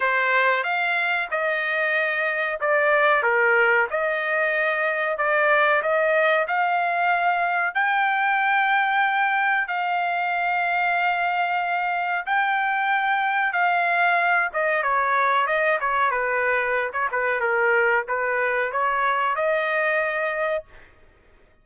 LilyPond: \new Staff \with { instrumentName = "trumpet" } { \time 4/4 \tempo 4 = 93 c''4 f''4 dis''2 | d''4 ais'4 dis''2 | d''4 dis''4 f''2 | g''2. f''4~ |
f''2. g''4~ | g''4 f''4. dis''8 cis''4 | dis''8 cis''8 b'4~ b'16 cis''16 b'8 ais'4 | b'4 cis''4 dis''2 | }